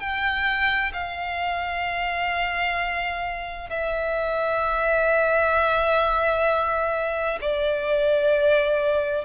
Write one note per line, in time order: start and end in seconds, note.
0.00 0.92 G5
0.93 3.70 F5
3.70 7.39 E5
7.41 9.25 D5